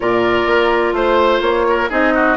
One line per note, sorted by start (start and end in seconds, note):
0.00 0.46 A#2
0.00 1.90 F4
0.00 0.95 A#4
0.00 0.95 D5
0.46 0.92 A#3
0.92 1.40 A3
0.92 1.66 C5
0.92 1.41 C5
1.41 1.88 A#3
1.41 1.89 C#5
1.69 1.89 A#4
1.89 2.37 C4
1.89 2.37 D#4
1.89 2.13 G#4
1.89 2.37 D#5
2.14 2.37 F#4